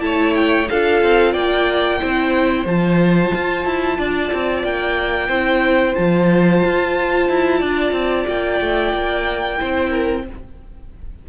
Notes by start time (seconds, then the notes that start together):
0.00 A3 E4 C#5 A5
0.35 G5
0.69 D4 F4 A4 F5
1.03 C4
1.33 A#3 D5 G5
2.00 C4 E4 C5
2.65 F3 F4 A5
3.35 F4
3.65 E4
3.98 D4 D5
4.33 C4
4.63 A#3 G5
5.29 C4 E4 C5
5.95 F3 F4 A5
6.64 F4
7.29 E4
7.59 D4 D5
7.92 C4
8.27 A#3 G5
8.60 A3
8.94 A#3
9.57 C4 E4 C5
9.90 A#4